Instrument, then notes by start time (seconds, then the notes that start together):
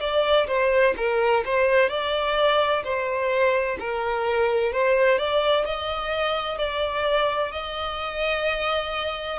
violin
0.00 D5
0.47 C5
0.97 A#4
1.45 C5
1.89 D5
2.84 C5
3.79 A#4
4.73 C5
5.18 D5
5.65 D#5
6.58 D5
7.52 D#5